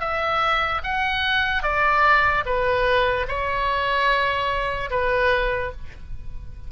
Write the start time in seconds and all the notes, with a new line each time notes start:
0.00 E5
0.84 F#5
1.63 D5
2.45 B4
3.28 C#5
4.91 B4